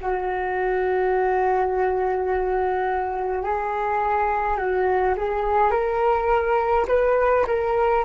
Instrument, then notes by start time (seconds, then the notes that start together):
flute
0.00 F#4
3.43 G#4
4.57 F#4
5.17 G#4
5.71 A#4
6.88 B4
7.46 A#4